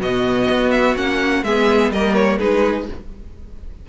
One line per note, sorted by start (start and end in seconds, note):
0.00 0.48 B2
0.00 0.95 B3
0.00 1.43 F#4
0.00 0.71 D#5
0.49 0.95 B3
0.71 0.95 E5
0.95 1.43 A#3
0.95 1.43 C#4
0.95 1.43 F#5
1.43 1.90 G#3
1.43 1.93 B3
1.43 1.93 G#4
1.43 1.91 E5
1.90 2.37 G3
1.90 2.39 A#3
1.90 2.38 A#4
1.90 2.14 D#5
2.14 2.38 C#5
2.38 2.88 G#3
2.38 2.87 D#4
2.38 2.86 G#4
2.38 2.87 B4